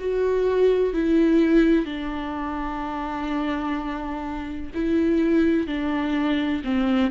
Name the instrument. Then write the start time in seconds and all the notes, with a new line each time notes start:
viola
0.00 F#4
0.94 E4
1.86 D4
4.74 E4
5.68 D4
6.65 C4